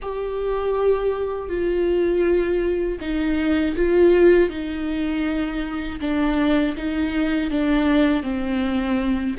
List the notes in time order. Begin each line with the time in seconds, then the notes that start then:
0.01 G4
1.49 F4
3.00 D#4
3.76 F4
4.49 D#4
6.00 D4
6.76 D#4
7.50 D4
8.22 C4